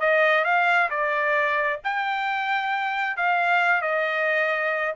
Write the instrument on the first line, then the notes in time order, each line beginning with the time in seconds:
trumpet
0.00 D#5
0.44 F5
0.90 D5
1.84 G5
3.17 F5
3.82 D#5